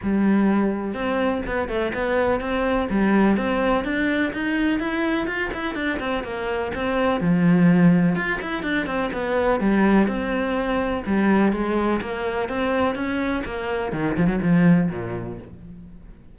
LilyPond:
\new Staff \with { instrumentName = "cello" } { \time 4/4 \tempo 4 = 125 g2 c'4 b8 a8 | b4 c'4 g4 c'4 | d'4 dis'4 e'4 f'8 e'8 | d'8 c'8 ais4 c'4 f4~ |
f4 f'8 e'8 d'8 c'8 b4 | g4 c'2 g4 | gis4 ais4 c'4 cis'4 | ais4 dis8 f16 fis16 f4 ais,4 | }